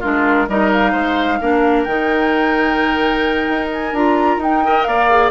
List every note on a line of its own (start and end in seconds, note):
0.00 0.48 G#3
0.00 0.48 D4
0.00 0.46 F4
0.00 0.49 A#4
0.48 0.94 G3
0.48 1.41 D#4
0.48 0.92 A#4
0.48 0.72 D#5
0.73 1.84 F5
0.92 1.40 G#3
0.92 1.38 C5
1.41 1.86 A#3
1.41 1.87 D4
1.41 4.64 A#4
1.84 3.48 D#3
1.84 3.95 D#4
1.84 3.68 G5
3.49 3.93 D#4
3.73 3.95 G#5
3.93 4.37 D4
3.93 4.41 F4
3.93 4.41 A#5
4.37 4.83 D#4
4.37 4.64 D#4
4.37 4.83 G5
4.65 5.11 A#4
4.65 4.88 D#5
4.83 5.31 A#3
4.83 5.31 D5
4.83 5.30 F5
5.11 5.31 G#4